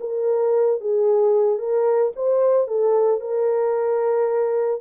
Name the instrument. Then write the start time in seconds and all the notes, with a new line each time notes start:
horn
0.00 A#4
0.80 G#4
1.59 A#4
2.16 C5
2.67 A4
3.20 A#4